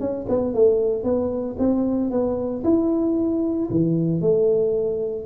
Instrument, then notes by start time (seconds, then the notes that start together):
tuba
0.00 C#4
0.29 B3
0.54 A3
1.04 B3
1.59 C4
2.11 B3
2.64 E4
3.70 E3
4.21 A3